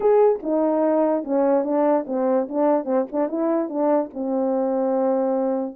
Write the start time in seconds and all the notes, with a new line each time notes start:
0.00 G#4
0.42 D#4
1.24 C#4
1.64 D4
2.06 C4
2.48 D4
2.84 C4
3.11 D4
3.28 E4
3.69 D4
4.13 C4